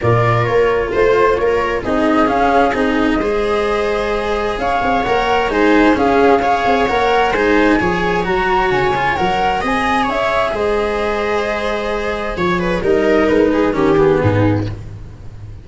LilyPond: <<
  \new Staff \with { instrumentName = "flute" } { \time 4/4 \tempo 4 = 131 d''4 cis''4 c''4 cis''4 | dis''4 f''4 dis''2~ | dis''2 f''4 fis''4 | gis''4 f''2 fis''4 |
gis''2 ais''4 gis''4 | fis''4 gis''4 e''4 dis''4~ | dis''2. cis''4 | dis''4 b'4 ais'8 gis'4. | }
  \new Staff \with { instrumentName = "viola" } { \time 4/4 ais'2 c''4 ais'4 | gis'2. c''4~ | c''2 cis''2 | c''4 gis'4 cis''2 |
c''4 cis''2.~ | cis''4 dis''4 cis''4 c''4~ | c''2. cis''8 b'8 | ais'4. gis'8 g'4 dis'4 | }
  \new Staff \with { instrumentName = "cello" } { \time 4/4 f'1 | dis'4 cis'4 dis'4 gis'4~ | gis'2. ais'4 | dis'4 cis'4 gis'4 ais'4 |
dis'4 gis'4 fis'4. f'8 | ais'4 gis'2.~ | gis'1 | dis'2 cis'8 b4. | }
  \new Staff \with { instrumentName = "tuba" } { \time 4/4 ais,4 ais4 a4 ais4 | c'4 cis'4 c'4 gis4~ | gis2 cis'8 c'8 ais4 | gis4 cis'4. c'8 ais4 |
gis4 f4 fis4 cis4 | fis4 c'4 cis'4 gis4~ | gis2. f4 | g4 gis4 dis4 gis,4 | }
>>